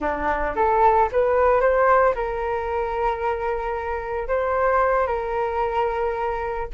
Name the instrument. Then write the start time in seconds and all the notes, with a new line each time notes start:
flute
0.00 D4
0.55 A4
1.12 B4
1.60 C5
2.15 A#4
4.28 C5
5.06 A#4